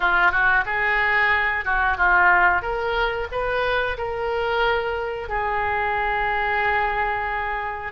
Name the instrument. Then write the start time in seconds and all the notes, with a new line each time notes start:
oboe
0.00 F4
0.31 F#4
0.65 G#4
1.65 F#4
1.97 F4
2.61 A#4
3.31 B4
3.97 A#4
5.28 G#4